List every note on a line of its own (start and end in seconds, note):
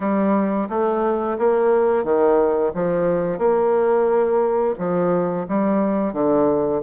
0.00 0.68 G3
0.69 1.37 A3
1.38 2.04 A#3
2.04 2.72 D#3
2.74 3.38 F3
3.38 4.74 A#3
4.78 5.46 F3
5.48 6.13 G3
6.13 6.81 D3